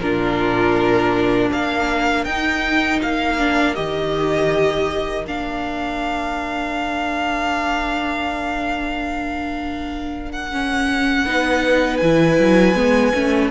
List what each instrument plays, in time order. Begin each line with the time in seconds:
0.00 cello A#2, viola D4, violin F4 A#4
1.50 cello A#3, violin A#4 F5
2.25 cello D#4, viola D#4, violin G5
3.03 cello A#3, violin F5
3.39 viola D4
3.75 cello D#3, viola G4, violin D#5
5.26 cello A#3, viola D4, violin F5
10.32 violin F#5
10.52 viola C#4
11.26 cello B3, viola D#4, violin B4
11.98 cello E3, viola E4, violin G#5
12.39 cello F#3
12.75 cello G#3, viola B3
13.15 cello A3, viola C#4